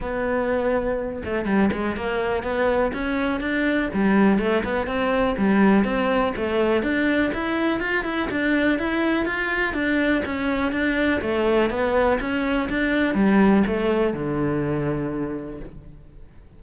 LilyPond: \new Staff \with { instrumentName = "cello" } { \time 4/4 \tempo 4 = 123 b2~ b8 a8 g8 gis8 | ais4 b4 cis'4 d'4 | g4 a8 b8 c'4 g4 | c'4 a4 d'4 e'4 |
f'8 e'8 d'4 e'4 f'4 | d'4 cis'4 d'4 a4 | b4 cis'4 d'4 g4 | a4 d2. | }